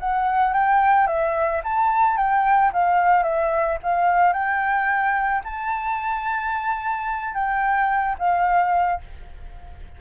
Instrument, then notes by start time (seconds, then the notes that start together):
flute
0.00 F#5
0.54 G5
1.07 E5
1.64 A5
2.17 G5
2.73 F5
3.23 E5
3.83 F5
4.33 G5
5.44 A5
7.34 G5
8.19 F5